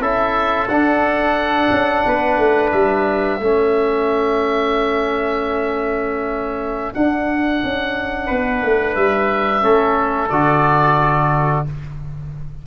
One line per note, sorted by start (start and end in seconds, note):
0.00 0.68 C#4
0.00 0.67 E4
0.00 2.04 A4
0.00 0.68 E5
0.68 1.69 D4
0.68 3.40 D4
0.68 2.70 F#5
1.71 2.04 C#4
2.06 2.37 B3
2.06 3.40 B4
2.37 2.71 A3
2.71 3.39 G3
2.71 6.93 E5
3.39 6.93 A3
3.39 6.94 C#4
3.39 8.26 A4
6.94 9.61 D4
6.94 7.62 D4
6.94 8.95 F#5
7.63 8.30 C#4
8.26 8.62 B3
8.26 9.60 B4
8.62 8.96 A3
8.95 9.63 G3
8.95 10.29 E5
9.61 10.30 A3
9.61 10.28 C#4
9.61 11.65 A4
10.29 11.65 D3
10.29 11.66 F#4
10.29 11.63 D5